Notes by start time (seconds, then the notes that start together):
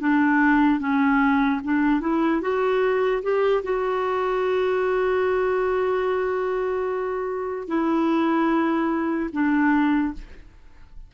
0.00 D4
0.80 C#4
1.64 D4
2.01 E4
2.41 F#4
3.23 G4
3.63 F#4
7.68 E4
9.32 D4